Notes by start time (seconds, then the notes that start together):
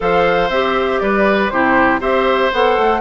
0.00 F3 A4 C5 F5
0.49 C4 G4 E5
0.99 G3 B4 D5
1.49 C3 E4 G4 C5
2.00 C4 G4 C5 E5
2.52 B3 A4 F#5
2.77 A3